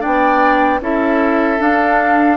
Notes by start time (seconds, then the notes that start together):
0.00 B3 D4 D5 G5
0.80 C#4 E4 A4 E5
1.58 D4 F5